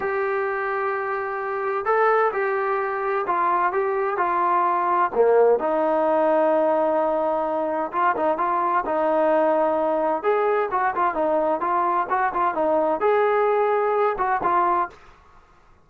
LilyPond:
\new Staff \with { instrumentName = "trombone" } { \time 4/4 \tempo 4 = 129 g'1 | a'4 g'2 f'4 | g'4 f'2 ais4 | dis'1~ |
dis'4 f'8 dis'8 f'4 dis'4~ | dis'2 gis'4 fis'8 f'8 | dis'4 f'4 fis'8 f'8 dis'4 | gis'2~ gis'8 fis'8 f'4 | }